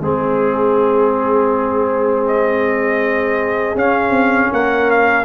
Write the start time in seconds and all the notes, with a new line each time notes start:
0.00 G#3 C4 G#4
2.27 D#5
3.75 C#4 F5
4.10 C4
4.52 A#3 A#4 F#5
4.90 F5